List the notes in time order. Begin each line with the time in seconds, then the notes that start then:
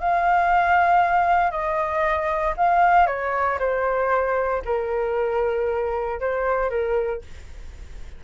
0.00 F5
1.51 D#5
2.57 F5
3.07 C#5
3.59 C5
4.65 A#4
6.21 C5
6.70 A#4